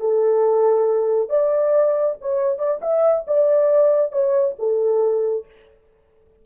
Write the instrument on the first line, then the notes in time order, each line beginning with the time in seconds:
horn
0.00 A4
1.29 D5
2.21 C#5
2.58 D5
2.82 E5
3.27 D5
4.12 C#5
4.59 A4